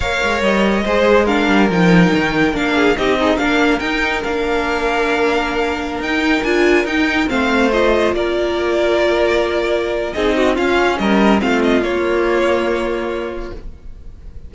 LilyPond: <<
  \new Staff \with { instrumentName = "violin" } { \time 4/4 \tempo 4 = 142 f''4 dis''2 f''4 | g''2 f''4 dis''4 | f''4 g''4 f''2~ | f''2~ f''16 g''4 gis''8.~ |
gis''16 g''4 f''4 dis''4 d''8.~ | d''1 | dis''4 f''4 dis''4 f''8 dis''8 | cis''1 | }
  \new Staff \with { instrumentName = "violin" } { \time 4/4 cis''2 c''4 ais'4~ | ais'2~ ais'8 gis'8 g'8 dis'8 | ais'1~ | ais'1~ |
ais'4~ ais'16 c''2 ais'8.~ | ais'1 | gis'8 fis'8 f'4 ais'4 f'4~ | f'1 | }
  \new Staff \with { instrumentName = "viola" } { \time 4/4 ais'2 gis'4 d'4 | dis'2 d'4 dis'8 gis'8 | d'4 dis'4 d'2~ | d'2~ d'16 dis'4 f'8.~ |
f'16 dis'4 c'4 f'4.~ f'16~ | f'1 | dis'4 cis'2 c'4 | ais1 | }
  \new Staff \with { instrumentName = "cello" } { \time 4/4 ais8 gis8 g4 gis4. g8 | f4 dis4 ais4 c'4 | ais4 dis'4 ais2~ | ais2~ ais16 dis'4 d'8.~ |
d'16 dis'4 a2 ais8.~ | ais1 | c'4 cis'4 g4 a4 | ais1 | }
>>